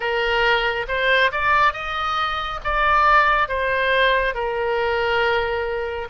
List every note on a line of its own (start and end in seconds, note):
0.00 0.86 A#4
0.87 1.31 C5
1.31 1.73 D5
1.73 2.60 D#5
2.64 3.48 D5
3.48 4.34 C5
4.34 6.08 A#4